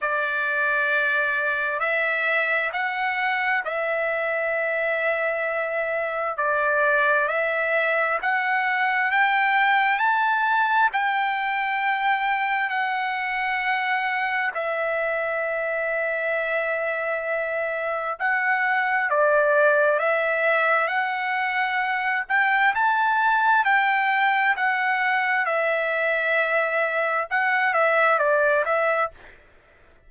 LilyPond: \new Staff \with { instrumentName = "trumpet" } { \time 4/4 \tempo 4 = 66 d''2 e''4 fis''4 | e''2. d''4 | e''4 fis''4 g''4 a''4 | g''2 fis''2 |
e''1 | fis''4 d''4 e''4 fis''4~ | fis''8 g''8 a''4 g''4 fis''4 | e''2 fis''8 e''8 d''8 e''8 | }